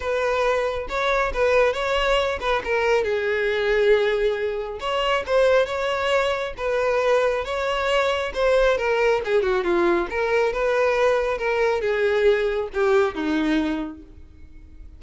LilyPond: \new Staff \with { instrumentName = "violin" } { \time 4/4 \tempo 4 = 137 b'2 cis''4 b'4 | cis''4. b'8 ais'4 gis'4~ | gis'2. cis''4 | c''4 cis''2 b'4~ |
b'4 cis''2 c''4 | ais'4 gis'8 fis'8 f'4 ais'4 | b'2 ais'4 gis'4~ | gis'4 g'4 dis'2 | }